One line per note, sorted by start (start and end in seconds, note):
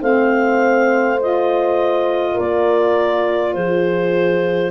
0.00 2.37 A3
0.00 1.18 C4
0.00 2.33 C5
0.00 1.20 F5
1.20 4.71 F4
1.20 2.39 D#5
2.33 3.55 A#3
2.33 3.50 A#4
2.39 3.53 D5
3.53 4.71 F3
3.53 4.71 G#4
3.53 4.71 C5